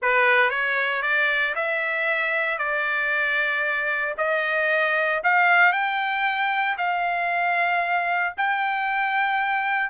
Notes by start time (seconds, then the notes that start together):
0.02 B4
0.50 C#5
1.02 D5
1.55 E5
2.58 D5
4.17 D#5
5.23 F5
5.72 G5
6.77 F5
8.37 G5